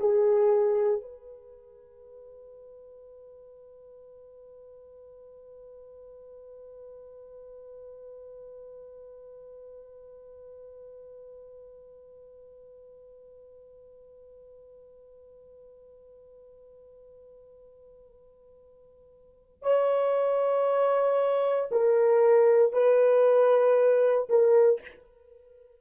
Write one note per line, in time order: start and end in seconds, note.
0.00 1.02 G#4
1.02 19.62 B4
19.62 21.69 C#5
21.71 22.73 A#4
22.73 24.28 B4
24.29 24.81 A#4